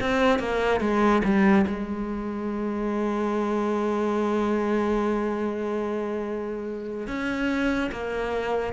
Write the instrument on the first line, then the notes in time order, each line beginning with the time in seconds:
cello
0.00 C4
0.39 A#3
0.80 G#3
1.23 G3
1.66 G#3
7.07 C#4
7.91 A#3